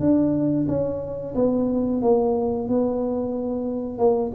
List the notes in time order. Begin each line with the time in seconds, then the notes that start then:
0.00 D4
0.68 C#4
1.35 B3
2.02 A#3
2.68 B3
3.98 A#3